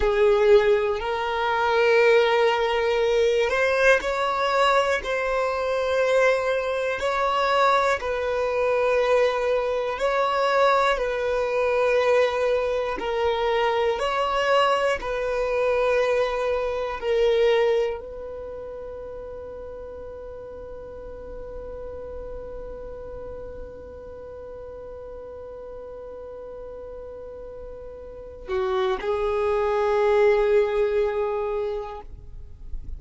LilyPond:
\new Staff \with { instrumentName = "violin" } { \time 4/4 \tempo 4 = 60 gis'4 ais'2~ ais'8 c''8 | cis''4 c''2 cis''4 | b'2 cis''4 b'4~ | b'4 ais'4 cis''4 b'4~ |
b'4 ais'4 b'2~ | b'1~ | b'1~ | b'8 fis'8 gis'2. | }